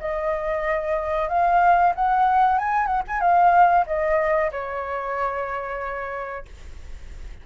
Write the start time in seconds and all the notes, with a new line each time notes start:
0.00 D#5
1.29 F5
1.95 F#5
2.58 G#5
2.87 F#5
3.08 G#5
3.21 F5
3.86 D#5
4.51 C#5